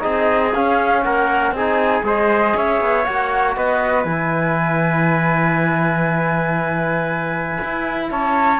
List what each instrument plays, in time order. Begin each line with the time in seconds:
0.00 cello C4, trombone D#4, trumpet G#4, flute D#5
0.55 cello C#4, trombone C#4, flute F5
1.03 cello A#3, trumpet A#4, flute F#5
1.52 cello C4, trombone D#4, trumpet G#4, flute G#5
2.03 cello G#3, trombone G#4, trumpet C5, flute D#5
2.56 cello C#4, trumpet C#5, flute E5
2.81 cello B3
3.05 cello A#3, trombone F#4, flute F#5
3.56 cello B3, trumpet B4, flute D#5
4.04 cello E3, trombone E4, flute G#5
7.64 cello E4
8.11 cello C#4, trumpet C#5, flute A5